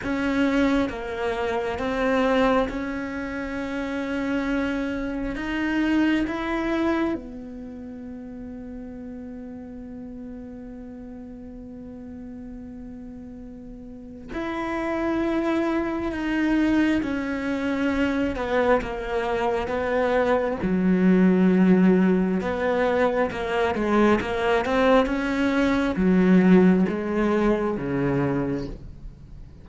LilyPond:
\new Staff \with { instrumentName = "cello" } { \time 4/4 \tempo 4 = 67 cis'4 ais4 c'4 cis'4~ | cis'2 dis'4 e'4 | b1~ | b1 |
e'2 dis'4 cis'4~ | cis'8 b8 ais4 b4 fis4~ | fis4 b4 ais8 gis8 ais8 c'8 | cis'4 fis4 gis4 cis4 | }